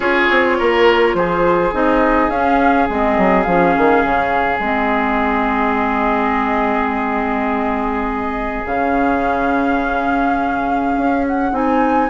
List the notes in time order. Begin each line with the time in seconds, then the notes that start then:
0.00 C#4 F4 G#4 C#5
0.30 C4
0.58 A#3 A#4
1.13 F3 G#4 C5
1.73 C4 D#4 D#5
2.29 C#4 F5
2.89 G#3 C4 D#5
3.17 F#3
3.43 F3 C#4 F5
3.77 D#3
4.04 C#3
4.59 G#3 C4 D#5
8.65 C#3 C#4 F5
10.97 C#4
11.27 F#5
11.52 C4 D#4 G#5